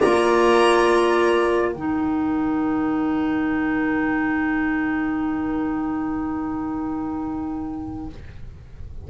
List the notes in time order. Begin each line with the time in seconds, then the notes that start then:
0.00 A#3 F4 D5 A#5
1.73 D#3 D#4 A#4 G5